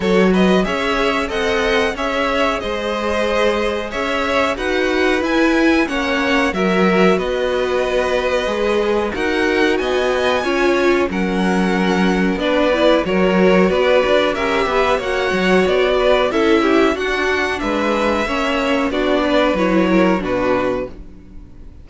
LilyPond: <<
  \new Staff \with { instrumentName = "violin" } { \time 4/4 \tempo 4 = 92 cis''8 dis''8 e''4 fis''4 e''4 | dis''2 e''4 fis''4 | gis''4 fis''4 e''4 dis''4~ | dis''2 fis''4 gis''4~ |
gis''4 fis''2 d''4 | cis''4 d''4 e''4 fis''4 | d''4 e''4 fis''4 e''4~ | e''4 d''4 cis''4 b'4 | }
  \new Staff \with { instrumentName = "violin" } { \time 4/4 a'8 b'8 cis''4 dis''4 cis''4 | c''2 cis''4 b'4~ | b'4 cis''4 ais'4 b'4~ | b'2 ais'4 dis''4 |
cis''4 ais'2 b'4 | ais'4 b'4 ais'8 b'8 cis''4~ | cis''8 b'8 a'8 g'8 fis'4 b'4 | cis''4 fis'8 b'4 ais'8 fis'4 | }
  \new Staff \with { instrumentName = "viola" } { \time 4/4 fis'4 gis'4 a'4 gis'4~ | gis'2. fis'4 | e'4 cis'4 fis'2~ | fis'4 gis'4 fis'2 |
f'4 cis'2 d'8 e'8 | fis'2 g'4 fis'4~ | fis'4 e'4 d'2 | cis'4 d'4 e'4 d'4 | }
  \new Staff \with { instrumentName = "cello" } { \time 4/4 fis4 cis'4 c'4 cis'4 | gis2 cis'4 dis'4 | e'4 ais4 fis4 b4~ | b4 gis4 dis'4 b4 |
cis'4 fis2 b4 | fis4 b8 d'8 cis'8 b8 ais8 fis8 | b4 cis'4 d'4 gis4 | ais4 b4 fis4 b,4 | }
>>